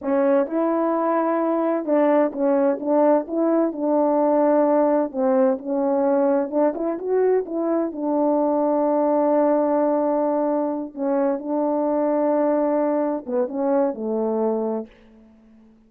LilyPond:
\new Staff \with { instrumentName = "horn" } { \time 4/4 \tempo 4 = 129 cis'4 e'2. | d'4 cis'4 d'4 e'4 | d'2. c'4 | cis'2 d'8 e'8 fis'4 |
e'4 d'2.~ | d'2.~ d'8 cis'8~ | cis'8 d'2.~ d'8~ | d'8 b8 cis'4 a2 | }